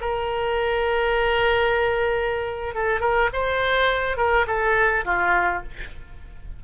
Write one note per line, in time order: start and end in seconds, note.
0.00 2.74 A#4
2.74 3.00 A4
3.00 3.29 A#4
3.33 4.17 C5
4.17 4.46 A#4
4.47 5.04 A4
5.05 5.62 F4